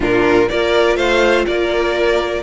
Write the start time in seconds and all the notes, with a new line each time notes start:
0.00 A#2 D4 F4 A#4
0.48 A#3 F4 A#4 D5
0.96 A3 C5 F5
1.46 A#3 A#4 D5